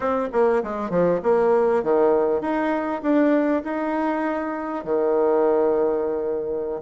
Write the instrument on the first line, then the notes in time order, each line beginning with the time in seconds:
bassoon
0.00 C4
0.32 A#3
0.63 G#3
0.90 F3
1.22 A#3
1.83 D#3
2.41 D#4
3.02 D4
3.64 D#4
4.84 D#3